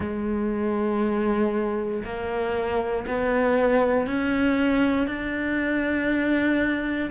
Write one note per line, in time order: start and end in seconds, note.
0.00 2.03 G#3
2.04 3.06 A#3
3.07 4.06 B3
4.06 5.07 C#4
5.07 7.10 D4